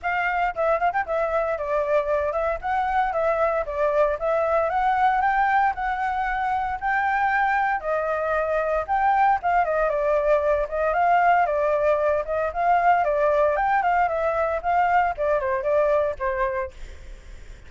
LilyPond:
\new Staff \with { instrumentName = "flute" } { \time 4/4 \tempo 4 = 115 f''4 e''8 f''16 g''16 e''4 d''4~ | d''8 e''8 fis''4 e''4 d''4 | e''4 fis''4 g''4 fis''4~ | fis''4 g''2 dis''4~ |
dis''4 g''4 f''8 dis''8 d''4~ | d''8 dis''8 f''4 d''4. dis''8 | f''4 d''4 g''8 f''8 e''4 | f''4 d''8 c''8 d''4 c''4 | }